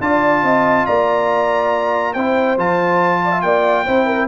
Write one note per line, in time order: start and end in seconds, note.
0.00 0.42 D4
0.00 2.15 F4
0.00 0.44 D5
0.00 0.86 A5
0.42 0.85 C4
0.42 0.87 D#5
0.86 2.15 A#3
0.86 2.14 D5
0.86 2.13 A#5
2.13 2.57 C4
2.13 2.57 E4
2.13 3.21 C5
2.13 2.56 G5
2.57 3.43 F3
2.57 3.86 F4
2.57 3.41 A5
3.24 3.31 D5
3.31 3.42 E5
3.41 3.86 A#3
3.41 3.85 D5
3.41 4.27 G5
3.85 4.28 C4
3.85 4.28 E4
3.85 4.06 C5
4.06 4.27 A#4